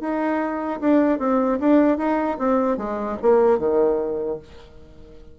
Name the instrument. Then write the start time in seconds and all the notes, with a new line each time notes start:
bassoon
0.00 D#4
0.80 D4
1.19 C4
1.60 D4
1.98 D#4
2.39 C4
2.77 G#3
3.22 A#3
3.58 D#3